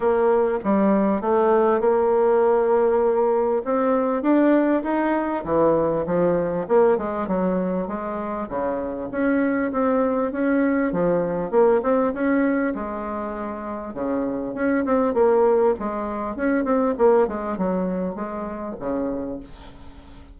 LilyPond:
\new Staff \with { instrumentName = "bassoon" } { \time 4/4 \tempo 4 = 99 ais4 g4 a4 ais4~ | ais2 c'4 d'4 | dis'4 e4 f4 ais8 gis8 | fis4 gis4 cis4 cis'4 |
c'4 cis'4 f4 ais8 c'8 | cis'4 gis2 cis4 | cis'8 c'8 ais4 gis4 cis'8 c'8 | ais8 gis8 fis4 gis4 cis4 | }